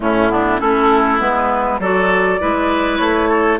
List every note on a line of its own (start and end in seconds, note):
0.00 0.58 A2
0.00 0.29 A3
0.00 0.31 C#4
0.00 0.59 E4
0.29 0.59 B3
0.29 0.60 D4
0.59 1.20 A3
0.59 1.19 C#4
0.59 1.80 E4
0.59 1.19 A4
1.19 1.79 G#3
1.19 1.79 B3
1.19 1.80 B4
1.79 2.39 F#3
1.79 2.39 F#4
1.79 2.40 A4
1.79 2.97 D5
2.39 2.99 G#3
2.39 3.59 E4
2.39 3.29 B4
2.97 3.59 A3
2.97 3.57 C#5
3.29 3.59 A4